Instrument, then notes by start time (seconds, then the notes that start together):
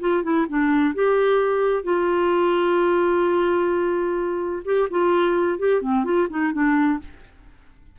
clarinet
0.00 F4
0.23 E4
0.49 D4
0.95 G4
1.84 F4
4.65 G4
4.90 F4
5.59 G4
5.81 C4
6.04 F4
6.30 D#4
6.53 D4